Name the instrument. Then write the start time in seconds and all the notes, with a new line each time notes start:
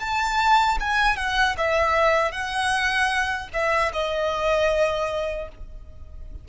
violin
0.00 A5
0.80 G#5
1.17 F#5
1.58 E5
2.32 F#5
3.53 E5
3.92 D#5